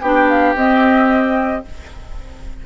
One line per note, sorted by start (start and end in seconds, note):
0.00 0.55 B3
0.00 0.57 D4
0.00 1.65 G4
0.00 0.27 G5
0.28 0.56 F5
0.55 1.64 C4
0.55 1.66 C4
0.55 1.65 D#5